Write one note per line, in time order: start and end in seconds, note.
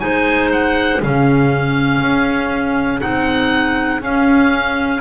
0.00 1.03 G#3
0.00 1.00 D#4
0.00 1.03 C5
0.00 0.50 G#5
0.52 1.02 F#5
1.03 2.02 C#3
1.03 3.01 C#4
1.03 5.01 G#4
1.03 3.01 F5
2.02 3.02 C#4
3.01 4.01 C4
3.01 4.01 D#4
3.01 4.01 F#5
4.01 5.01 C#4
4.01 5.01 F5